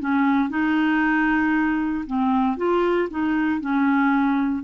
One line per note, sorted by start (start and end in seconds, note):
0.00 0.50 C#4
0.50 2.05 D#4
2.07 2.57 C4
2.57 3.09 F4
3.10 3.61 D#4
3.61 4.64 C#4